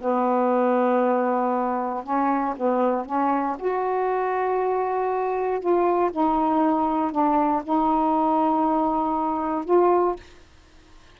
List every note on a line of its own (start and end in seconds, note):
0.00 2.03 B3
2.03 2.54 C#4
2.57 3.05 B3
3.05 3.56 C#4
3.58 5.60 F#4
5.60 6.11 F4
6.11 7.11 D#4
7.11 7.62 D4
7.63 9.64 D#4
9.64 10.15 F4